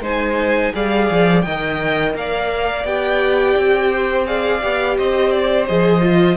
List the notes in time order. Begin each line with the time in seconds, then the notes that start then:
0.00 G#3 D#4 C5 G#5
0.73 G3 G#4 D5 F5
1.11 F3
1.42 D#3 A#4 D#5 G5
2.15 A#3 D5 F5
2.84 B3 G4 G5
3.56 C4
3.92 C5
4.26 G#4 D5 F5
4.61 B3 G4
4.97 C4 C5 D#5
5.31 D5
5.67 F3 G#4 D#5
6.01 F4